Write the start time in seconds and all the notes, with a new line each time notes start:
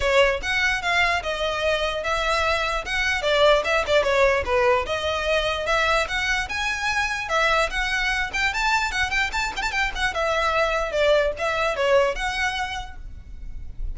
0.00 C#5
0.42 F#5
0.81 F5
1.22 D#5
2.03 E5
2.85 F#5
3.22 D5
3.64 E5
3.87 D5
4.03 C#5
4.45 B4
4.86 D#5
5.66 E5
6.08 F#5
6.48 G#5
7.28 E5
7.70 F#5
8.33 G5
8.53 A5
8.91 F#5
9.10 G5
9.32 A5
9.56 G5 A5
9.71 G5
9.95 F#5
10.14 E5
10.91 D5
11.38 E5
11.76 C#5
12.15 F#5